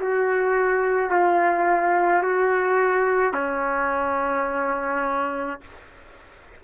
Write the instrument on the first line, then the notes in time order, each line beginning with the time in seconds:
trumpet
0.00 F#4
1.11 F4
2.23 F#4
3.33 C#4